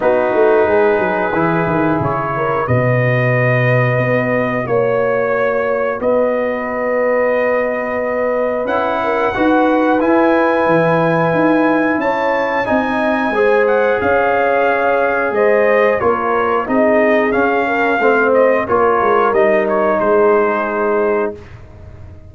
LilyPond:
<<
  \new Staff \with { instrumentName = "trumpet" } { \time 4/4 \tempo 4 = 90 b'2. cis''4 | dis''2. cis''4~ | cis''4 dis''2.~ | dis''4 fis''2 gis''4~ |
gis''2 a''4 gis''4~ | gis''8 fis''8 f''2 dis''4 | cis''4 dis''4 f''4. dis''8 | cis''4 dis''8 cis''8 c''2 | }
  \new Staff \with { instrumentName = "horn" } { \time 4/4 fis'4 gis'2~ gis'8 ais'8 | b'2. cis''4~ | cis''4 b'2.~ | b'4. ais'8 b'2~ |
b'2 cis''4 dis''4 | c''4 cis''2 c''4 | ais'4 gis'4. ais'8 c''4 | ais'2 gis'2 | }
  \new Staff \with { instrumentName = "trombone" } { \time 4/4 dis'2 e'2 | fis'1~ | fis'1~ | fis'4 e'4 fis'4 e'4~ |
e'2. dis'4 | gis'1 | f'4 dis'4 cis'4 c'4 | f'4 dis'2. | }
  \new Staff \with { instrumentName = "tuba" } { \time 4/4 b8 a8 gis8 fis8 e8 dis8 cis4 | b,2 b4 ais4~ | ais4 b2.~ | b4 cis'4 dis'4 e'4 |
e4 dis'4 cis'4 c'4 | gis4 cis'2 gis4 | ais4 c'4 cis'4 a4 | ais8 gis8 g4 gis2 | }
>>